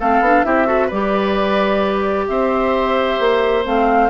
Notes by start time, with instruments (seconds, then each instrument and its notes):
0.00 bassoon A3, clarinet C4, oboe A4, flute F5
0.20 bassoon B3, clarinet D4
0.44 bassoon C4, clarinet E4, oboe G4, flute E5
0.66 clarinet F#4, oboe A4
0.87 bassoon G3, clarinet G4, oboe B4, flute D5
2.28 bassoon C4, oboe C5, flute E5
3.20 bassoon A#3
3.65 bassoon A3, clarinet C4, flute F5